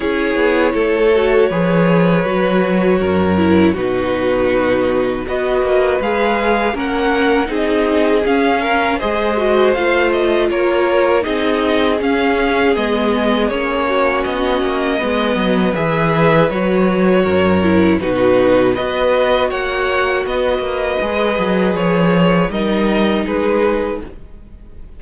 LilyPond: <<
  \new Staff \with { instrumentName = "violin" } { \time 4/4 \tempo 4 = 80 cis''1~ | cis''4 b'2 dis''4 | f''4 fis''4 dis''4 f''4 | dis''4 f''8 dis''8 cis''4 dis''4 |
f''4 dis''4 cis''4 dis''4~ | dis''4 e''4 cis''2 | b'4 dis''4 fis''4 dis''4~ | dis''4 cis''4 dis''4 b'4 | }
  \new Staff \with { instrumentName = "violin" } { \time 4/4 gis'4 a'4 b'2 | ais'4 fis'2 b'4~ | b'4 ais'4 gis'4. ais'8 | c''2 ais'4 gis'4~ |
gis'2~ gis'8 fis'4. | b'2. ais'4 | fis'4 b'4 cis''4 b'4~ | b'2 ais'4 gis'4 | }
  \new Staff \with { instrumentName = "viola" } { \time 4/4 e'4. fis'8 gis'4 fis'4~ | fis'8 e'8 dis'2 fis'4 | gis'4 cis'4 dis'4 cis'4 | gis'8 fis'8 f'2 dis'4 |
cis'4 b4 cis'2 | b4 gis'4 fis'4. e'8 | dis'4 fis'2. | gis'2 dis'2 | }
  \new Staff \with { instrumentName = "cello" } { \time 4/4 cis'8 b8 a4 f4 fis4 | fis,4 b,2 b8 ais8 | gis4 ais4 c'4 cis'4 | gis4 a4 ais4 c'4 |
cis'4 gis4 ais4 b8 ais8 | gis8 fis8 e4 fis4 fis,4 | b,4 b4 ais4 b8 ais8 | gis8 fis8 f4 g4 gis4 | }
>>